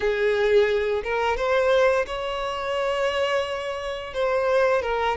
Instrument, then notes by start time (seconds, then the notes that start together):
violin
0.00 G#4
1.03 A#4
1.36 C5
2.06 C#5
4.13 C5
4.82 A#4